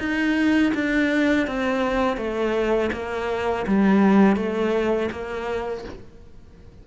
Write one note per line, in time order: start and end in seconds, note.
0.00 0.73 D#4
0.75 1.47 D4
1.47 2.18 C4
2.18 2.91 A3
2.93 3.67 A#3
3.68 4.37 G3
4.37 5.10 A3
5.12 5.85 A#3